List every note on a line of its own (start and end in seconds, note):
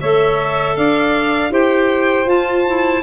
0.00 0.77 A3
0.00 1.51 A4
0.00 0.76 C#5
0.00 0.76 E5
0.76 1.50 D4
0.76 1.51 D5
0.76 1.52 F5
1.50 2.26 E4
1.50 2.27 G4
1.50 3.03 C5
1.50 2.29 G5
2.26 3.02 F4
2.26 2.65 F4
2.26 3.03 A5
2.67 3.03 E4